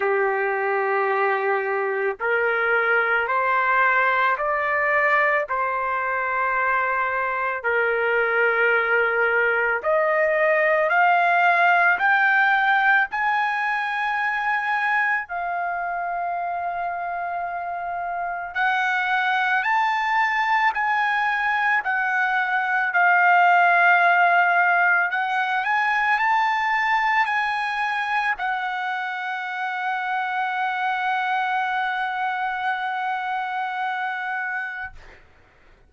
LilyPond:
\new Staff \with { instrumentName = "trumpet" } { \time 4/4 \tempo 4 = 55 g'2 ais'4 c''4 | d''4 c''2 ais'4~ | ais'4 dis''4 f''4 g''4 | gis''2 f''2~ |
f''4 fis''4 a''4 gis''4 | fis''4 f''2 fis''8 gis''8 | a''4 gis''4 fis''2~ | fis''1 | }